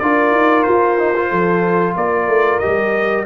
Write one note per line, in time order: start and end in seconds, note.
0.00 0.32 D4
0.00 0.99 F4
0.00 1.30 A#4
0.00 0.63 D5
0.32 0.65 D#4
0.63 1.32 F4
0.63 1.94 C5
0.99 1.15 D#4
1.16 2.62 F4
1.30 1.96 F3
1.30 1.95 A4
1.96 2.28 A#3
1.96 3.27 A#4
1.96 2.60 D5
2.28 2.61 A3
2.60 3.27 G4
2.60 3.25 D#5
2.66 3.27 G3